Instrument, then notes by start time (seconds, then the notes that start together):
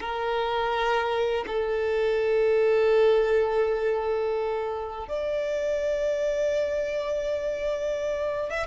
violin
0.00 A#4
1.46 A4
5.08 D5
8.50 E5